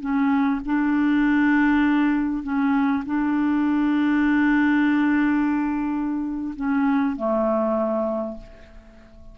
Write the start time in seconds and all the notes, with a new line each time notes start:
0.00 C#4
0.65 D4
2.43 C#4
3.06 D4
6.55 C#4
7.16 A3